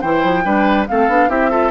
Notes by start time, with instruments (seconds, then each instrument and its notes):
0.00 bassoon E3, clarinet E4, oboe C5, flute G5
0.23 bassoon F3
0.44 bassoon G3, clarinet D4, oboe B4
0.87 bassoon A3, clarinet C4, oboe A4, flute F5
1.08 bassoon B3, clarinet D4
1.29 bassoon C4, clarinet E4, oboe G4, flute E5
1.50 clarinet F4, oboe A4